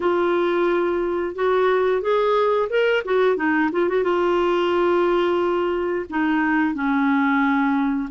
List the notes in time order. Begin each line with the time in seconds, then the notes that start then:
0.00 F4
1.35 F#4
2.01 G#4
2.69 A#4
3.04 F#4
3.36 D#4
3.71 F4
3.89 F#4
4.03 F4
6.09 D#4
6.74 C#4